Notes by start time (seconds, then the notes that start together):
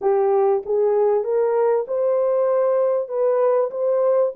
0.01 G4
0.65 G#4
1.23 A#4
1.87 C5
3.08 B4
3.70 C5